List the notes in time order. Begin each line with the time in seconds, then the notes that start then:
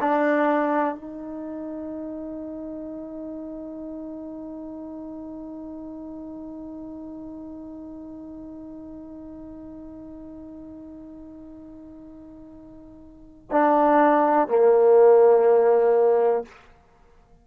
0.00 D4
0.95 D#4
13.51 D4
14.48 A#3